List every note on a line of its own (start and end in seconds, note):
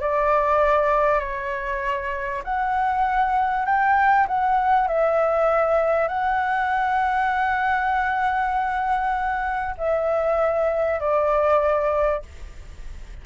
0.00 1.20 D5
1.20 2.42 C#5
2.44 3.65 F#5
3.65 4.26 G5
4.27 4.88 F#5
4.88 6.08 E5
6.08 9.75 F#5
9.77 11.00 E5
11.00 12.22 D5